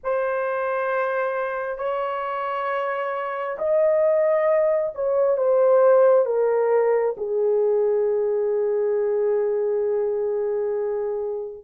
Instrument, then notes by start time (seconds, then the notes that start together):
horn
0.03 C5
1.78 C#5
3.58 D#5
4.95 C#5
5.37 C5
6.25 A#4
7.17 G#4